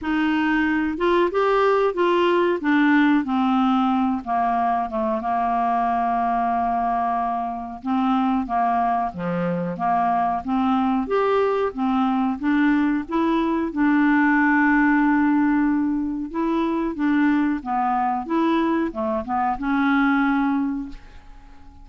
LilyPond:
\new Staff \with { instrumentName = "clarinet" } { \time 4/4 \tempo 4 = 92 dis'4. f'8 g'4 f'4 | d'4 c'4. ais4 a8 | ais1 | c'4 ais4 f4 ais4 |
c'4 g'4 c'4 d'4 | e'4 d'2.~ | d'4 e'4 d'4 b4 | e'4 a8 b8 cis'2 | }